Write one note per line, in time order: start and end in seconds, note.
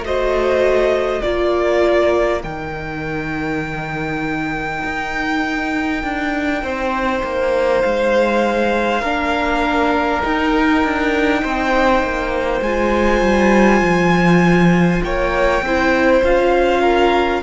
0.00 1.20 A3
0.00 1.22 F#4
0.00 1.23 C5
0.00 1.22 D#5
1.22 2.44 A#3
1.22 2.42 F4
1.22 6.63 A#4
1.22 2.42 D5
2.42 4.83 D#3
2.42 9.02 D#4
2.42 7.81 G5
4.84 6.03 D#4
6.03 6.62 D4
6.62 7.23 C4
6.62 9.01 C5
7.23 7.83 A#3
7.81 9.02 G#3
7.81 10.21 F5
9.01 10.22 A#3
9.01 10.23 D4
9.01 11.41 A#4
10.23 12.63 D#4
10.23 10.84 D#4
10.23 12.62 G5
10.84 11.44 D4
11.42 12.03 C4
11.42 15.02 C5
12.03 12.61 A#3
12.61 13.21 G#3
12.61 15.64 F4
12.61 15.02 G#5
13.21 13.81 G3
13.81 15.01 F3
15.03 15.62 A#3
15.03 15.64 C#5
15.03 16.23 G5
15.62 16.22 C4
15.62 16.25 E4
15.62 16.81 C5
16.24 17.43 C#4
16.24 17.43 F4
16.24 17.43 F5
16.81 17.41 A#4